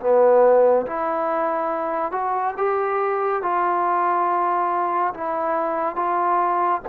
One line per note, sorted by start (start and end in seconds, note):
0.00 0.86 B3
0.86 2.12 E4
2.12 2.54 F#4
2.57 3.42 G4
3.42 5.14 F4
5.14 5.96 E4
5.96 6.81 F4